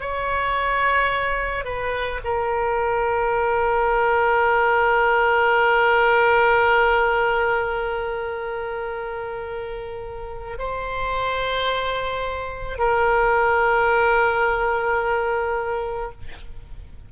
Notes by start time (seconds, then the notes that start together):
0.00 C#5
1.65 B4
2.25 A#4
10.59 C5
12.78 A#4